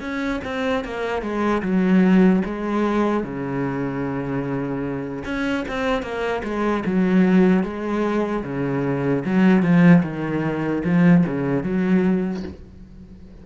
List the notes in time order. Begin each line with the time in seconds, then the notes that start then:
0.00 C#4
0.44 C4
0.84 A#3
1.22 G#3
1.62 F#3
2.45 G#3
3.23 C#3
5.24 C#4
5.68 C4
6.02 A#3
6.43 G#3
6.85 F#3
7.63 G#3
8.43 C#3
9.25 F#3
9.62 F3
10.02 D#3
10.84 F3
11.26 C#3
11.63 F#3